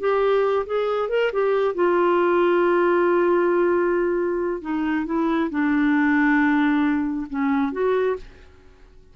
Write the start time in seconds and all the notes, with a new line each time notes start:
0.00 G4
0.66 G#4
1.09 A#4
1.33 G4
1.75 F4
4.62 D#4
5.06 E4
5.50 D4
7.30 C#4
7.72 F#4